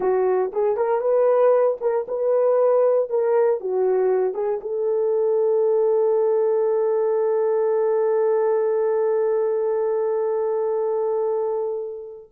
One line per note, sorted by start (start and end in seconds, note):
0.00 0.51 F#4
0.52 0.76 G#4
0.76 1.00 A#4
1.00 1.77 B4
1.81 2.06 A#4
2.08 3.09 B4
3.09 3.60 A#4
3.60 4.34 F#4
4.34 4.59 G#4
4.61 12.30 A4